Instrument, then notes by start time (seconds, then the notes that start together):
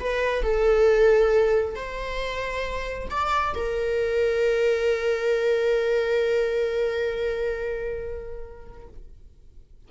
viola
0.00 B4
0.43 A4
1.76 C5
3.10 D5
3.55 A#4